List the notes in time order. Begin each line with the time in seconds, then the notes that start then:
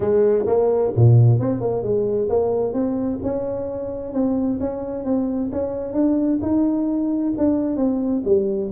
0.00 G#3
0.46 A#3
0.95 A#2
1.39 C4
1.60 A#3
1.82 G#3
2.29 A#3
2.73 C4
3.22 C#4
4.13 C4
4.60 C#4
5.04 C4
5.52 C#4
5.93 D4
6.41 D#4
7.37 D4
7.76 C4
8.24 G3